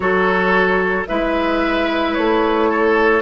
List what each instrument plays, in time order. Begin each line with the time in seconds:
0.00 bassoon F#3, clarinet F#4, oboe A4, flute C#5
1.07 bassoon G#3, clarinet E4, oboe B4, flute E5
2.14 bassoon A3, flute C#5
2.69 oboe A4